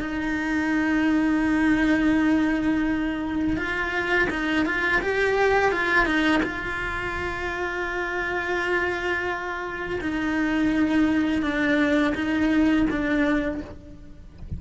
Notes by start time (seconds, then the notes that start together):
0.00 D#4
3.56 F4
4.30 D#4
4.65 F4
5.02 G4
5.72 F4
6.06 D#4
6.43 F4
10.01 D#4
11.42 D4
12.15 D#4
12.90 D4